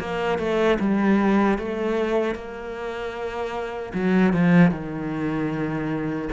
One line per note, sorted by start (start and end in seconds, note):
0.00 0.39 A#3
0.39 0.78 A3
0.79 1.58 G3
1.58 2.35 A3
2.35 3.93 A#3
3.94 4.33 F#3
4.33 4.71 F3
4.71 6.29 D#3